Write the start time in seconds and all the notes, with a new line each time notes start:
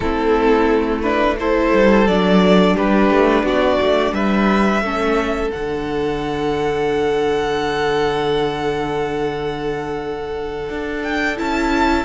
0.00 A3 C4 E4 A4
1.02 D4 B4
1.39 E4 A4 C5
1.73 G3
2.07 F#3 D4 D5
2.76 G3 G4 B4
3.10 A3
3.43 B3 F#4 D5
3.80 A3
4.12 G3 B4 E5
4.81 A3 C#4 A4
5.50 D3 D4 F#5
10.69 D4
11.03 G5
11.36 C#4 E4 A5